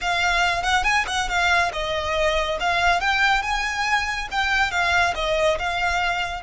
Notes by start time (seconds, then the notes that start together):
0.01 F5
0.63 F#5
0.83 G#5
1.07 F#5
1.28 F5
1.72 D#5
2.60 F5
3.00 G5
3.42 G#5
4.31 G5
4.71 F5
5.14 D#5
5.58 F5